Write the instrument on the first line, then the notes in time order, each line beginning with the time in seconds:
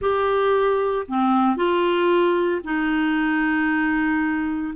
clarinet
0.01 G4
1.08 C4
1.56 F4
2.64 D#4